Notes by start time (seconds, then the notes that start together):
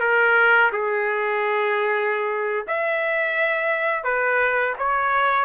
0.00 A#4
0.72 G#4
2.67 E5
4.03 B4
4.78 C#5